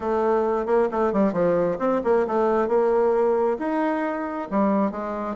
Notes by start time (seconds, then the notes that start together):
0.00 A3
0.66 A#3
0.91 A3
1.12 G3
1.32 F3
1.78 C4
2.04 A#3
2.27 A3
2.68 A#3
3.59 D#4
4.50 G3
4.91 G#3